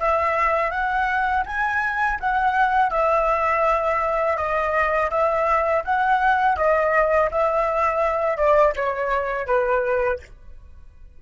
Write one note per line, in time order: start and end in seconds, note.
0.00 0.71 E5
0.71 1.44 F#5
1.46 2.19 G#5
2.20 2.90 F#5
2.90 4.37 E5
4.37 5.10 D#5
5.11 5.84 E5
5.85 6.57 F#5
6.57 7.30 D#5
7.31 8.37 E5
8.37 8.74 D5
8.76 9.47 C#5
9.47 10.20 B4